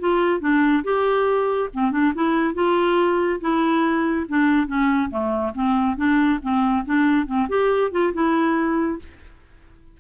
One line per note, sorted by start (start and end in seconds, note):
0.00 0.41 F4
0.41 0.83 D4
0.84 1.70 G4
1.74 1.92 C4
1.92 2.13 D4
2.15 2.55 E4
2.55 3.40 F4
3.41 4.26 E4
4.29 4.67 D4
4.67 5.10 C#4
5.10 5.53 A3
5.55 5.97 C4
5.97 6.40 D4
6.42 6.85 C4
6.86 7.26 D4
7.26 7.48 C4
7.49 7.92 G4
7.92 8.13 F4
8.14 8.99 E4